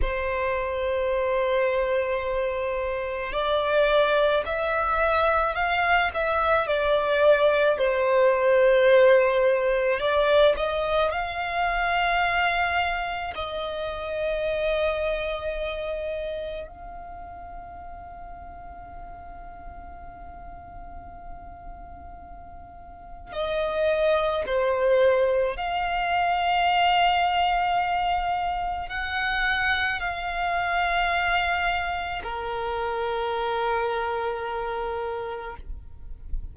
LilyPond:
\new Staff \with { instrumentName = "violin" } { \time 4/4 \tempo 4 = 54 c''2. d''4 | e''4 f''8 e''8 d''4 c''4~ | c''4 d''8 dis''8 f''2 | dis''2. f''4~ |
f''1~ | f''4 dis''4 c''4 f''4~ | f''2 fis''4 f''4~ | f''4 ais'2. | }